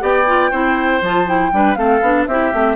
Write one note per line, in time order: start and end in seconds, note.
0.00 0.52 B3
0.00 0.25 G4
0.00 0.51 D5
0.00 1.04 G5
0.27 0.52 F4
0.51 1.01 C4
0.51 1.02 E4
0.51 1.51 C5
1.01 1.51 F3
1.01 1.27 F4
1.01 1.29 A5
1.27 1.52 E4
1.27 1.75 G5
1.53 1.77 G3
1.53 1.76 D4
1.53 1.78 B4
1.75 2.02 A3
1.75 2.01 C4
1.75 2.28 A4
1.75 2.25 F5
2.02 2.27 B3
2.02 2.29 D4
2.26 2.53 C4
2.26 2.53 E4
2.26 2.76 G4
2.26 2.76 E5
2.53 2.76 A3
2.53 2.76 C4